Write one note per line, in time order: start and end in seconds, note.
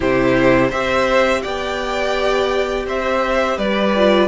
0.00 0.72 C3
0.00 0.71 E4
0.00 0.67 G4
0.00 0.71 C5
0.69 1.43 C4
0.69 3.93 G4
0.69 1.40 C5
0.69 1.42 E5
1.42 2.86 B3
1.42 2.85 D5
1.42 2.85 G5
2.86 3.57 C4
2.86 3.57 C5
2.86 3.58 E5
3.57 4.28 G3
3.57 4.28 B4
3.57 4.28 D5
3.95 4.28 F4